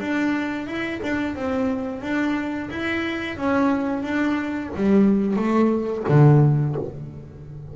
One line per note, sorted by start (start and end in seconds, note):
0.00 0.67 D4
0.67 1.01 E4
1.03 1.35 D4
1.35 2.02 C4
2.02 2.69 D4
2.70 3.37 E4
3.37 4.03 C#4
4.03 4.70 D4
4.76 5.37 G3
5.37 6.04 A3
6.09 6.76 D3